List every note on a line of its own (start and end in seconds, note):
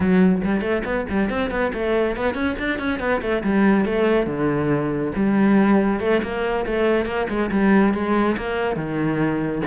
0.00 0.41 F#3
0.44 0.61 G3
0.61 0.82 A3
0.84 1.06 B3
1.09 1.29 G3
1.29 1.50 C4
1.50 1.72 B3
1.73 2.16 A3
2.16 2.34 B3
2.34 2.55 C#4
2.59 2.79 D4
2.79 2.99 C#4
2.99 3.21 B3
3.21 3.42 A3
3.43 3.85 G3
3.85 4.26 A3
4.26 5.12 D3
5.15 6.00 G3
6.00 6.21 A3
6.22 6.65 A#3
6.65 7.05 A3
7.05 7.27 A#3
7.29 7.50 G#3
7.51 7.93 G3
7.93 8.36 G#3
8.37 8.76 A#3
8.76 9.61 D#3